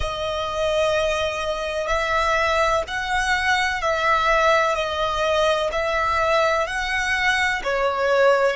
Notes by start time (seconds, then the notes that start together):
0.00 D#5
1.87 E5
2.87 F#5
3.81 E5
4.74 D#5
5.71 E5
6.66 F#5
7.63 C#5